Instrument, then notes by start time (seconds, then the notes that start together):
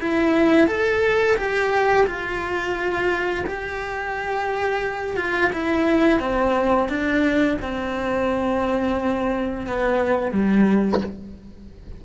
cello
0.00 E4
0.67 A4
1.37 G4
2.07 F4
3.46 G4
5.17 F4
5.53 E4
6.20 C4
6.89 D4
7.62 C4
9.67 B3
10.32 G3